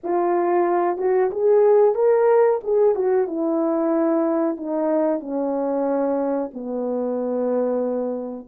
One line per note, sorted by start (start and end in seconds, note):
0.03 0.97 F4
0.97 1.30 F#4
1.30 1.94 G#4
1.94 2.60 A#4
2.63 2.95 G#4
2.95 3.27 F#4
3.27 4.57 E4
4.57 5.20 D#4
5.20 6.50 C#4
6.53 8.48 B3